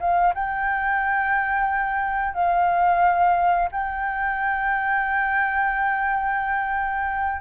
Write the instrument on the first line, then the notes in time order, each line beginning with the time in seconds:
flute
0.00 F5
0.34 G5
2.34 F5
3.72 G5